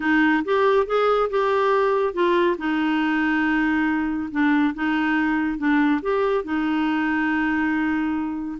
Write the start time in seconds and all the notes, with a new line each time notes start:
0.00 D#4
0.44 G4
0.86 G#4
1.30 G4
2.13 F4
2.58 D#4
4.31 D4
4.74 D#4
5.57 D4
6.02 G4
6.44 D#4